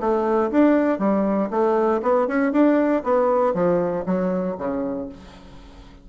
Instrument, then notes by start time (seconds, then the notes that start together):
bassoon
0.00 A3
0.51 D4
0.99 G3
1.50 A3
2.02 B3
2.28 C#4
2.52 D4
3.04 B3
3.54 F3
4.06 F#3
4.58 C#3